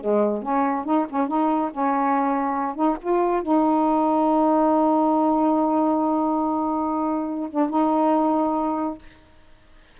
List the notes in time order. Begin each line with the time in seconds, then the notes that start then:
0.00 G#3
0.42 C#4
0.85 D#4
1.09 C#4
1.28 D#4
1.72 C#4
2.75 D#4
3.01 F4
3.42 D#4
7.50 D4
7.69 D#4